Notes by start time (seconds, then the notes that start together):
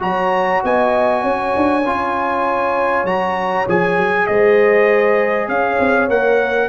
0.00 F#3 F#4 C#5 A#5
0.63 B3 D#5 G#5
1.22 C#4 C#5
1.56 D4
1.86 C#4 F4
3.04 F#3 F#4 A#5
3.68 F3 G#4 G#5
3.98 F#3
4.27 G#3 C5 D#5
5.48 C#4 C#5 F5
5.79 C4
6.09 A#3 A#4 F#5